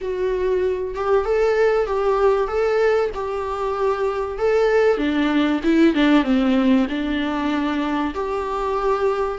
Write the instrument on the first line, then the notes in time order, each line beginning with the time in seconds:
viola
0.01 F#4
0.94 G4
1.24 A4
1.86 G4
2.47 A4
3.14 G4
4.38 A4
4.97 D4
5.63 E4
5.94 D4
6.23 C4
6.89 D4
8.14 G4